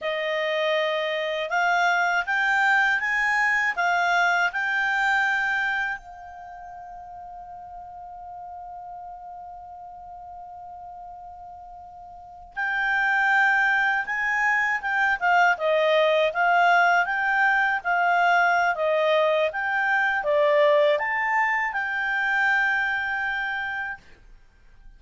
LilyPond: \new Staff \with { instrumentName = "clarinet" } { \time 4/4 \tempo 4 = 80 dis''2 f''4 g''4 | gis''4 f''4 g''2 | f''1~ | f''1~ |
f''8. g''2 gis''4 g''16~ | g''16 f''8 dis''4 f''4 g''4 f''16~ | f''4 dis''4 g''4 d''4 | a''4 g''2. | }